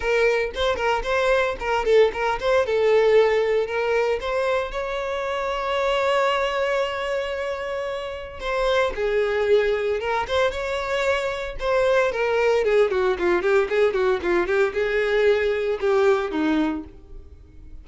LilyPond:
\new Staff \with { instrumentName = "violin" } { \time 4/4 \tempo 4 = 114 ais'4 c''8 ais'8 c''4 ais'8 a'8 | ais'8 c''8 a'2 ais'4 | c''4 cis''2.~ | cis''1 |
c''4 gis'2 ais'8 c''8 | cis''2 c''4 ais'4 | gis'8 fis'8 f'8 g'8 gis'8 fis'8 f'8 g'8 | gis'2 g'4 dis'4 | }